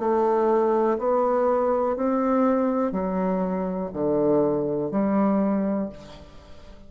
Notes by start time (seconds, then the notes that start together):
0.00 A3
0.99 B3
1.96 C4
2.92 F#3
3.93 D3
4.91 G3